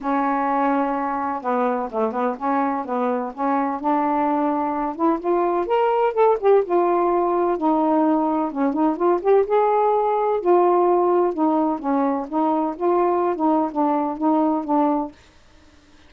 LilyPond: \new Staff \with { instrumentName = "saxophone" } { \time 4/4 \tempo 4 = 127 cis'2. b4 | a8 b8 cis'4 b4 cis'4 | d'2~ d'8 e'8 f'4 | ais'4 a'8 g'8 f'2 |
dis'2 cis'8 dis'8 f'8 g'8 | gis'2 f'2 | dis'4 cis'4 dis'4 f'4~ | f'16 dis'8. d'4 dis'4 d'4 | }